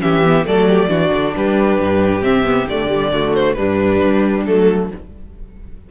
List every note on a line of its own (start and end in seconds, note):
0.00 0.46 E3
0.00 0.22 C#4
0.00 0.47 G4
0.00 0.46 E5
0.25 0.45 B3
0.45 0.88 F#3
0.45 0.89 A3
0.45 0.69 A4
0.45 1.35 D5
0.69 0.90 G4
0.88 1.11 E3
0.88 2.22 D4
0.88 1.34 F#4
1.13 1.35 D3
1.36 1.80 G3
1.36 3.12 G4
1.36 2.23 B4
1.80 2.22 G2
2.22 2.67 C3
2.22 2.44 C4
2.22 2.67 E5
2.44 2.66 B3
2.69 3.56 D3
2.69 2.88 A3
2.69 3.34 D5
2.88 3.10 G3
3.12 3.57 A3
3.12 3.57 F#4
3.34 3.54 C5
3.54 4.01 G2
3.54 4.46 G3
3.54 4.90 D4
3.54 4.42 B4
4.03 4.47 G3
4.45 4.91 F#3
4.45 4.91 A3
4.45 4.90 A4